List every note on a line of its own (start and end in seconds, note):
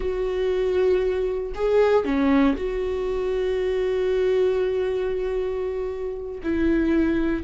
0.00 1.52 F#4
1.55 2.04 G#4
2.04 2.55 C#4
2.56 6.41 F#4
6.43 7.43 E4